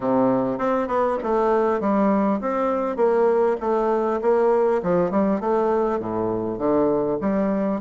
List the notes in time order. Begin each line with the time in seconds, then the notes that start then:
0.00 C3
0.58 C4
0.87 B3
1.23 A3
1.80 G3
2.40 C4
2.96 A#3
3.60 A3
4.21 A#3
4.82 F3
5.10 G3
5.40 A3
5.99 A2
6.58 D3
7.20 G3